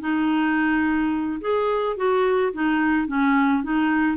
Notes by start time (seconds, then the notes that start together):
0.00 D#4
1.41 G#4
1.96 F#4
2.53 D#4
3.07 C#4
3.63 D#4